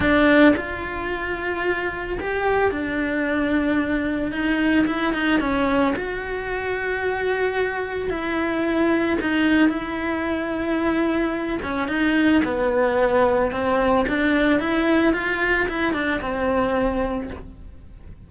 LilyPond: \new Staff \with { instrumentName = "cello" } { \time 4/4 \tempo 4 = 111 d'4 f'2. | g'4 d'2. | dis'4 e'8 dis'8 cis'4 fis'4~ | fis'2. e'4~ |
e'4 dis'4 e'2~ | e'4. cis'8 dis'4 b4~ | b4 c'4 d'4 e'4 | f'4 e'8 d'8 c'2 | }